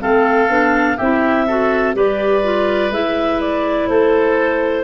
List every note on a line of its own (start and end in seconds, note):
0.00 0.49 A3
0.00 0.48 C4
0.00 0.97 A4
0.00 0.98 F5
0.49 0.97 B3
0.49 0.97 D4
0.97 1.95 C4
0.97 1.48 E4
0.97 1.45 G4
0.97 1.94 E5
1.47 1.93 F#4
1.47 1.95 A4
1.93 2.90 G3
1.93 2.42 G4
1.93 3.89 B4
1.93 2.93 D5
2.43 2.92 F4
2.90 3.87 G#3
2.90 4.84 E4
2.90 3.41 E5
3.41 3.88 D5
3.88 4.84 A3
3.88 4.84 A4
3.88 4.84 C5